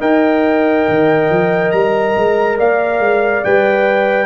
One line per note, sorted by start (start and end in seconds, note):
0.00 0.86 D#4
0.00 3.43 A#4
0.00 2.58 D#5
0.00 1.71 G5
0.88 1.30 D#3
1.30 1.72 F3
1.71 2.16 G3
1.71 2.57 A#5
2.17 2.59 G#3
2.58 2.99 A#3
2.58 4.26 D5
2.58 3.44 F5
2.99 3.42 G#3
3.44 4.26 G3
3.44 4.26 B4
3.44 4.26 G5